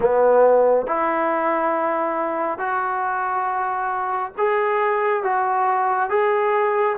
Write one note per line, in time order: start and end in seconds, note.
0.00 0.87 B3
0.87 2.58 E4
2.58 4.32 F#4
4.37 5.23 G#4
5.23 6.09 F#4
6.09 6.96 G#4